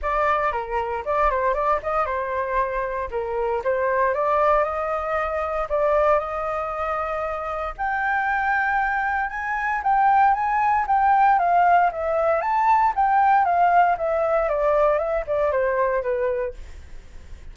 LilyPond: \new Staff \with { instrumentName = "flute" } { \time 4/4 \tempo 4 = 116 d''4 ais'4 d''8 c''8 d''8 dis''8 | c''2 ais'4 c''4 | d''4 dis''2 d''4 | dis''2. g''4~ |
g''2 gis''4 g''4 | gis''4 g''4 f''4 e''4 | a''4 g''4 f''4 e''4 | d''4 e''8 d''8 c''4 b'4 | }